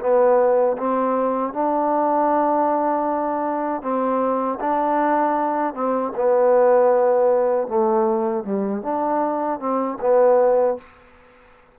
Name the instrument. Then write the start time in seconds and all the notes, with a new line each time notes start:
trombone
0.00 B3
0.78 C4
1.53 D4
3.82 C4
4.60 D4
5.74 C4
6.16 B3
7.68 A3
8.44 G3
8.83 D4
9.60 C4
10.01 B3